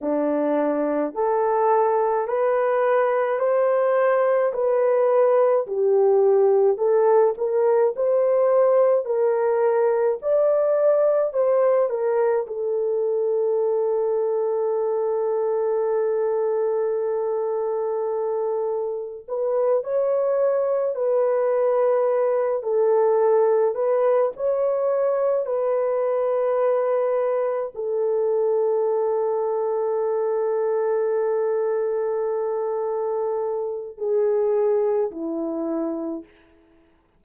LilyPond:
\new Staff \with { instrumentName = "horn" } { \time 4/4 \tempo 4 = 53 d'4 a'4 b'4 c''4 | b'4 g'4 a'8 ais'8 c''4 | ais'4 d''4 c''8 ais'8 a'4~ | a'1~ |
a'4 b'8 cis''4 b'4. | a'4 b'8 cis''4 b'4.~ | b'8 a'2.~ a'8~ | a'2 gis'4 e'4 | }